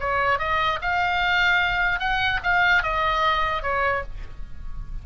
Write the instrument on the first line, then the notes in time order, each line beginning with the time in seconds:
oboe
0.00 C#5
0.39 D#5
0.82 F5
2.00 F#5
2.43 F5
2.83 D#5
3.63 C#5